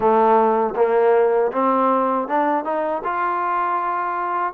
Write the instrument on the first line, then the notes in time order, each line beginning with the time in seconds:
trombone
0.00 A3
0.75 A#3
1.52 C4
2.28 D4
2.64 D#4
3.04 F4